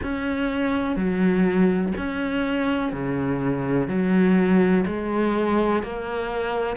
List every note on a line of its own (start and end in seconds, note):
0.02 0.96 C#4
0.96 1.93 F#3
1.97 2.92 C#4
2.92 3.88 C#3
3.88 4.84 F#3
4.86 5.82 G#3
5.82 6.76 A#3